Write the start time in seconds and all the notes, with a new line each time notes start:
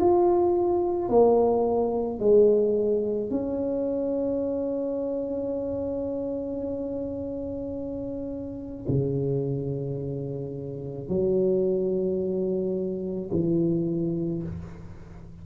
0.00 F4
1.09 A#3
2.20 G#3
3.30 C#4
8.88 C#3
11.09 F#3
13.31 E3